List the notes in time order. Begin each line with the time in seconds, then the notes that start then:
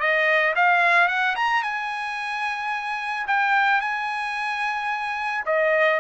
0.00 D#5
0.56 F5
1.08 F#5
1.36 A#5
1.63 G#5
3.28 G5
3.81 G#5
5.46 D#5